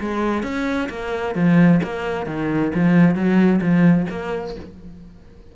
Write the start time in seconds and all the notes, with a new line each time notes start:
0.00 G#3
0.43 C#4
0.89 A#3
1.35 F3
1.83 A#3
2.26 D#3
2.74 F3
3.14 F#3
3.61 F3
4.10 A#3